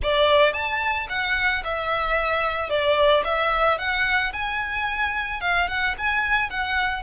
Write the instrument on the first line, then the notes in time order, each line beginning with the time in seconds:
violin
0.03 D5
0.53 A5
1.09 F#5
1.64 E5
2.69 D5
3.24 E5
3.78 F#5
4.32 G#5
5.41 F5
5.68 F#5
5.97 G#5
6.49 F#5